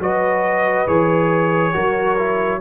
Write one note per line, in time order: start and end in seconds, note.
0.00 0.87 F#3
0.00 0.88 F#4
0.00 1.75 B4
0.00 0.88 D#5
0.87 1.74 E3
0.87 1.74 G#4
0.87 2.61 C#5
1.74 2.61 F#3
1.74 2.17 F#4
1.74 2.61 A#4
2.19 2.61 E4